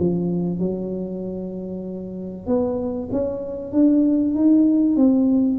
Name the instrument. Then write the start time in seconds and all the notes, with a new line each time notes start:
tuba
0.00 F3
0.59 F#3
2.47 B3
3.12 C#4
3.72 D4
4.35 D#4
4.97 C4